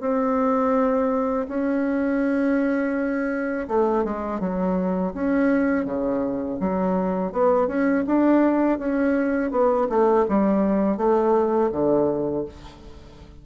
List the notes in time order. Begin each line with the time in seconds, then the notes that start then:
0.00 C4
1.48 C#4
3.68 A3
4.04 G#3
4.40 F#3
5.13 C#4
5.85 C#3
6.59 F#3
7.32 B3
7.67 C#4
8.07 D4
8.78 C#4
9.51 B3
9.89 A3
10.28 G3
10.97 A3
11.71 D3